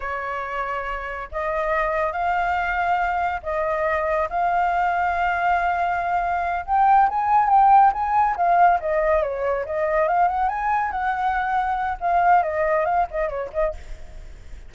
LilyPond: \new Staff \with { instrumentName = "flute" } { \time 4/4 \tempo 4 = 140 cis''2. dis''4~ | dis''4 f''2. | dis''2 f''2~ | f''2.~ f''8 g''8~ |
g''8 gis''4 g''4 gis''4 f''8~ | f''8 dis''4 cis''4 dis''4 f''8 | fis''8 gis''4 fis''2~ fis''8 | f''4 dis''4 f''8 dis''8 cis''8 dis''8 | }